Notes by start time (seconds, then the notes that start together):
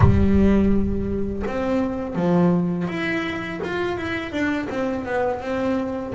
0.00 G3
1.46 C4
2.15 F3
2.87 E4
3.63 F4
3.97 E4
4.31 D4
4.69 C4
5.05 B3
5.41 C4